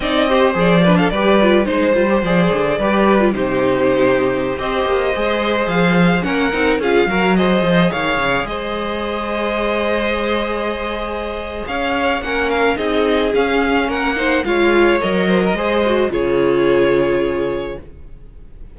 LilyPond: <<
  \new Staff \with { instrumentName = "violin" } { \time 4/4 \tempo 4 = 108 dis''4 d''8. f''16 d''4 c''4 | d''2 c''2~ | c''16 dis''2 f''4 fis''8.~ | fis''16 f''4 dis''4 f''4 dis''8.~ |
dis''1~ | dis''4 f''4 fis''8 f''8 dis''4 | f''4 fis''4 f''4 dis''4~ | dis''4 cis''2. | }
  \new Staff \with { instrumentName = "violin" } { \time 4/4 d''8 c''4 b'16 a'16 b'4 c''4~ | c''4 b'4 g'2~ | g'16 c''2. ais'8.~ | ais'16 gis'8 ais'8 c''4 cis''4 c''8.~ |
c''1~ | c''4 cis''4 ais'4 gis'4~ | gis'4 ais'8 c''8 cis''4. c''16 ais'16 | c''4 gis'2. | }
  \new Staff \with { instrumentName = "viola" } { \time 4/4 dis'8 g'8 gis'8 d'8 g'8 f'8 dis'8 f'16 g'16 | gis'4 g'8. f'16 dis'2~ | dis'16 g'4 gis'2 cis'8 dis'16~ | dis'16 f'8 fis'8 gis'2~ gis'8.~ |
gis'1~ | gis'2 cis'4 dis'4 | cis'4. dis'8 f'4 ais'4 | gis'8 fis'8 f'2. | }
  \new Staff \with { instrumentName = "cello" } { \time 4/4 c'4 f4 g4 gis8 g8 | f8 d8 g4 c2~ | c16 c'8 ais8 gis4 f4 ais8 c'16~ | c'16 cis'8 fis4 f8 dis8 cis8 gis8.~ |
gis1~ | gis4 cis'4 ais4 c'4 | cis'4 ais4 gis4 fis4 | gis4 cis2. | }
>>